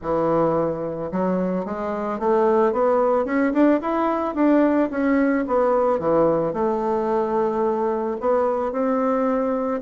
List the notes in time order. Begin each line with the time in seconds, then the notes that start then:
0.02 E3
1.11 F#3
1.65 G#3
2.19 A3
2.72 B3
3.25 C#4
3.53 D4
3.81 E4
4.35 D4
4.90 C#4
5.47 B3
5.99 E3
6.53 A3
8.20 B3
8.72 C4